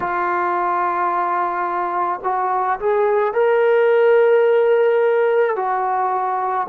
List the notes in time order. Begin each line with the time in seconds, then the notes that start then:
0.00 F4
2.23 F#4
2.79 G#4
3.33 A#4
5.56 F#4